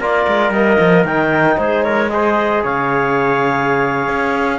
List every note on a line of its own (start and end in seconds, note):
0.00 0.27 A#3
0.00 0.54 F4
0.00 1.58 A#4
0.00 0.53 D5
0.28 0.51 G#3
0.51 0.77 G3
0.51 1.07 A#3
0.51 1.05 D#5
0.80 1.04 F3
1.04 1.57 D#3
1.04 2.10 D#4
1.04 1.58 G5
1.58 2.63 G#3
1.58 1.84 G#4
1.58 1.83 C5
1.83 2.11 A#4
1.83 2.10 C#5
2.10 4.59 G#4
2.10 2.64 C5
2.10 2.63 D#5
2.64 4.08 C#3
2.64 4.59 C#5
2.64 4.59 F5
4.08 4.59 C#4